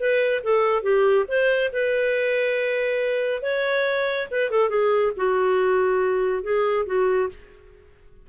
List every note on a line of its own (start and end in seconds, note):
0.00 0.43 B4
0.43 0.83 A4
0.83 1.26 G4
1.29 1.71 C5
1.73 3.42 B4
3.42 4.28 C#5
4.31 4.51 B4
4.51 4.69 A4
4.69 5.12 G#4
5.17 6.43 F#4
6.43 6.86 G#4
6.86 7.29 F#4